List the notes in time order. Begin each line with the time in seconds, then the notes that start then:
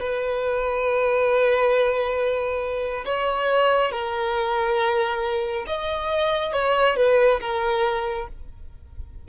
0.00 B4
3.05 C#5
3.92 A#4
5.66 D#5
6.53 C#5
6.96 B4
7.40 A#4